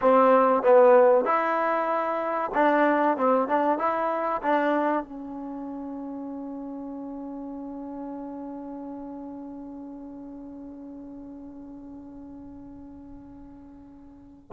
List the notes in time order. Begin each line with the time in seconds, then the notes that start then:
0.01 C4
0.62 B3
1.24 E4
2.54 D4
3.17 C4
3.48 D4
3.78 E4
4.42 D4
5.03 C#4